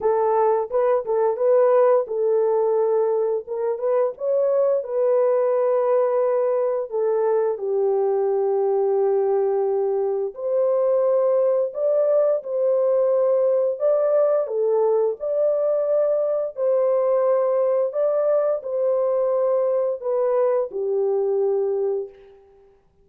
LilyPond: \new Staff \with { instrumentName = "horn" } { \time 4/4 \tempo 4 = 87 a'4 b'8 a'8 b'4 a'4~ | a'4 ais'8 b'8 cis''4 b'4~ | b'2 a'4 g'4~ | g'2. c''4~ |
c''4 d''4 c''2 | d''4 a'4 d''2 | c''2 d''4 c''4~ | c''4 b'4 g'2 | }